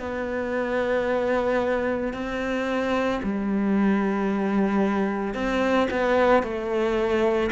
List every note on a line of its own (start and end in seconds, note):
0.00 2.14 B3
2.14 3.21 C4
3.23 5.35 G3
5.35 5.88 C4
5.91 6.43 B3
6.43 7.50 A3